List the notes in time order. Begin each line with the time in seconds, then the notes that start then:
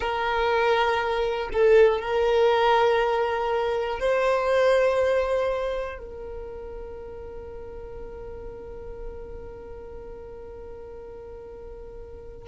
0.00 A#4
1.53 A4
2.00 A#4
4.00 C5
5.98 A#4